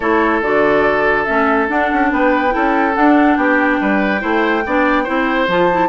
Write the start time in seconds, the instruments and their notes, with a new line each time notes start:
0.00 bassoon A3, clarinet E4, oboe A4, flute C#5
0.41 bassoon D3, clarinet F#4, flute D5
1.24 bassoon A3, clarinet C#4, flute E5
1.68 clarinet D4, bassoon D4, flute F#5
1.92 bassoon C#4
2.11 bassoon B3, oboe B4, flute G5
2.50 clarinet E4, oboe A4
2.56 bassoon C#4
2.95 clarinet D4, bassoon D4, flute F#5
3.36 bassoon B3, oboe G4, flute G5
3.81 bassoon G3, oboe B4
4.19 bassoon A3, clarinet E4, oboe C5
4.65 bassoon B3, clarinet D4, oboe D5
5.03 bassoon C4, clarinet E4, oboe C5
5.47 bassoon F3, clarinet F4, flute A5
5.71 clarinet E4